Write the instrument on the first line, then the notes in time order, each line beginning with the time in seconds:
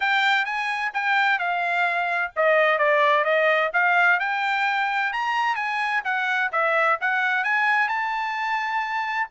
trumpet
0.00 G5
0.45 G#5
0.93 G5
1.38 F5
2.36 D#5
2.78 D5
3.24 D#5
3.73 F5
4.19 G5
5.12 A#5
5.55 G#5
6.04 F#5
6.52 E5
7.01 F#5
7.44 G#5
7.88 A5